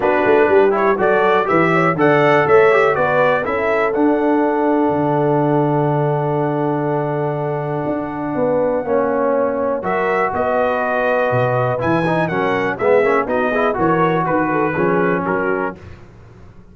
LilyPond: <<
  \new Staff \with { instrumentName = "trumpet" } { \time 4/4 \tempo 4 = 122 b'4. cis''8 d''4 e''4 | fis''4 e''4 d''4 e''4 | fis''1~ | fis''1~ |
fis''1 | e''4 dis''2. | gis''4 fis''4 e''4 dis''4 | cis''4 b'2 ais'4 | }
  \new Staff \with { instrumentName = "horn" } { \time 4/4 fis'4 g'4 a'4 b'8 cis''8 | d''4 cis''4 b'4 a'4~ | a'1~ | a'1~ |
a'4 b'4 cis''2 | ais'4 b'2.~ | b'4 ais'4 gis'4 fis'8 gis'8 | ais'4 b'8 a'8 gis'4 fis'4 | }
  \new Staff \with { instrumentName = "trombone" } { \time 4/4 d'4. e'8 fis'4 g'4 | a'4. g'8 fis'4 e'4 | d'1~ | d'1~ |
d'2 cis'2 | fis'1 | e'8 dis'8 cis'4 b8 cis'8 dis'8 e'8 | fis'2 cis'2 | }
  \new Staff \with { instrumentName = "tuba" } { \time 4/4 b8 a8 g4 fis4 e4 | d4 a4 b4 cis'4 | d'2 d2~ | d1 |
d'4 b4 ais2 | fis4 b2 b,4 | e4 fis4 gis8 ais8 b4 | e4 dis4 f4 fis4 | }
>>